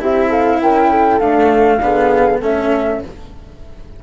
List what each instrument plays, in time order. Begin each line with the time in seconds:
0.00 bassoon C4, cello E4, horn G4, flute E5
0.29 horn A4, flute F5
0.62 bassoon C#4, horn A#4, flute G5
0.91 horn A4
1.20 cello A3, bassoon D4, flute F5
1.79 bassoon D3, cello B3, horn G#4
2.40 bassoon A3, cello C#4, horn A4, flute E5